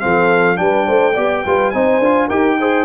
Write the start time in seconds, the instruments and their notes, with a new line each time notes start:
0.00 tuba F3, trombone C4, horn A4, trumpet F5
0.56 tuba G3, trombone D4, horn B4, trumpet G5
0.86 tuba A3, horn C5
1.14 tuba B3, trombone G4, horn D5
1.46 tuba G3, trombone F4, horn B4
1.71 tuba C4, trombone D#4, horn C5, trumpet G#5
1.99 tuba D4, trombone F4
2.28 tuba D#4, trombone G4, horn A#4, trumpet G5
2.59 trombone G#4, horn C5